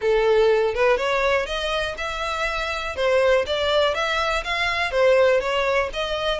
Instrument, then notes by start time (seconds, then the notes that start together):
violin
0.01 A4
0.74 B4
0.97 C#5
1.46 D#5
1.97 E5
2.96 C5
3.46 D5
3.94 E5
4.44 F5
4.91 C5
5.40 C#5
5.93 D#5